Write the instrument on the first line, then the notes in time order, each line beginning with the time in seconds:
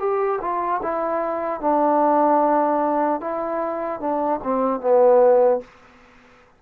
trombone
0.00 G4
0.41 F4
0.83 E4
1.61 D4
3.21 E4
4.01 D4
4.44 C4
4.81 B3